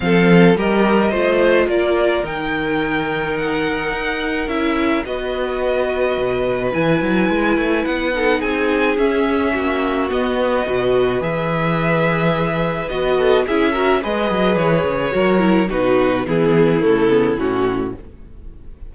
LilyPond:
<<
  \new Staff \with { instrumentName = "violin" } { \time 4/4 \tempo 4 = 107 f''4 dis''2 d''4 | g''2 fis''2 | e''4 dis''2. | gis''2 fis''4 gis''4 |
e''2 dis''2 | e''2. dis''4 | e''4 dis''4 cis''2 | b'4 gis'4 a'4 fis'4 | }
  \new Staff \with { instrumentName = "violin" } { \time 4/4 a'4 ais'4 c''4 ais'4~ | ais'1~ | ais'4 b'2.~ | b'2~ b'8 a'8 gis'4~ |
gis'4 fis'2 b'4~ | b'2.~ b'8 a'8 | gis'8 ais'8 b'2 ais'4 | fis'4 e'2. | }
  \new Staff \with { instrumentName = "viola" } { \time 4/4 c'4 g'4 f'2 | dis'1 | e'4 fis'2. | e'2~ e'8 dis'4. |
cis'2 b4 fis'4 | gis'2. fis'4 | e'8 fis'8 gis'2 fis'8 e'8 | dis'4 b4 a8 b8 cis'4 | }
  \new Staff \with { instrumentName = "cello" } { \time 4/4 f4 g4 a4 ais4 | dis2. dis'4 | cis'4 b2 b,4 | e8 fis8 gis8 a8 b4 c'4 |
cis'4 ais4 b4 b,4 | e2. b4 | cis'4 gis8 fis8 e8 cis8 fis4 | b,4 e4 cis4 a,4 | }
>>